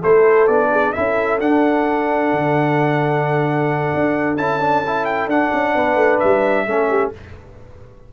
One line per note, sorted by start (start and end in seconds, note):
0.00 0.47 A3
0.00 0.48 E4
0.00 0.69 A4
0.00 0.47 C5
0.47 0.93 B3
0.47 0.94 D4
0.47 0.92 D5
0.71 0.94 G#4
0.92 1.40 C#4
0.92 1.40 E4
0.92 5.75 A4
0.92 1.38 E5
1.40 4.38 D4
1.40 2.32 D4
1.40 4.37 F#5
2.32 3.92 D3
3.94 4.36 D4
4.36 5.27 C#4
4.36 4.60 E4
4.36 5.05 A5
4.60 4.83 D4
4.86 5.30 E4
5.05 5.28 G5
5.27 5.50 D4
5.27 6.67 D4
5.27 6.19 F#5
5.53 5.75 C#4
5.75 5.95 B3
5.75 6.66 B4
5.95 6.18 A3
6.19 6.66 G3
6.19 7.11 E5
6.66 7.12 A3
6.66 7.13 C#4
6.66 6.89 A4
6.89 7.12 G4